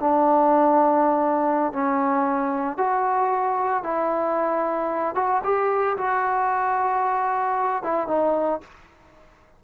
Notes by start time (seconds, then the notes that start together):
0.00 D4
1.73 C#4
2.78 F#4
3.84 E4
5.15 F#4
5.44 G4
5.97 F#4
7.83 E4
8.08 D#4